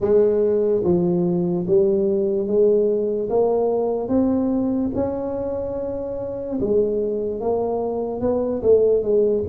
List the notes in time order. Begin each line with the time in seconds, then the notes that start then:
0.00 G#3
0.84 F3
1.67 G3
2.47 G#3
3.29 A#3
4.08 C4
4.95 C#4
6.60 G#3
7.40 A#3
8.20 B3
8.62 A3
9.02 G#3